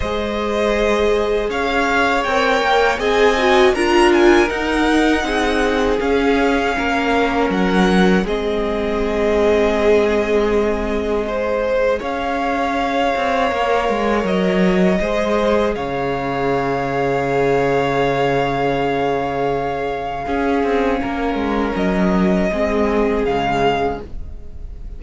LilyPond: <<
  \new Staff \with { instrumentName = "violin" } { \time 4/4 \tempo 4 = 80 dis''2 f''4 g''4 | gis''4 ais''8 gis''8 fis''2 | f''2 fis''4 dis''4~ | dis''1 |
f''2. dis''4~ | dis''4 f''2.~ | f''1~ | f''4 dis''2 f''4 | }
  \new Staff \with { instrumentName = "violin" } { \time 4/4 c''2 cis''2 | dis''4 ais'2 gis'4~ | gis'4 ais'2 gis'4~ | gis'2. c''4 |
cis''1 | c''4 cis''2.~ | cis''2. gis'4 | ais'2 gis'2 | }
  \new Staff \with { instrumentName = "viola" } { \time 4/4 gis'2. ais'4 | gis'8 fis'8 f'4 dis'2 | cis'2. c'4~ | c'2. gis'4~ |
gis'2 ais'2 | gis'1~ | gis'2. cis'4~ | cis'2 c'4 gis4 | }
  \new Staff \with { instrumentName = "cello" } { \time 4/4 gis2 cis'4 c'8 ais8 | c'4 d'4 dis'4 c'4 | cis'4 ais4 fis4 gis4~ | gis1 |
cis'4. c'8 ais8 gis8 fis4 | gis4 cis2.~ | cis2. cis'8 c'8 | ais8 gis8 fis4 gis4 cis4 | }
>>